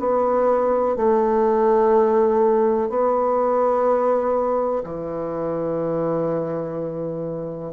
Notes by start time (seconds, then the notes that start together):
0.00 B3
0.97 A3
2.90 B3
4.84 E3